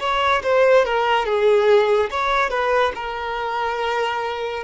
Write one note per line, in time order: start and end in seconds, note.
0.00 0.42 C#5
0.43 0.85 C5
0.85 1.26 A#4
1.26 2.10 G#4
2.10 2.50 C#5
2.50 2.92 B4
2.95 4.64 A#4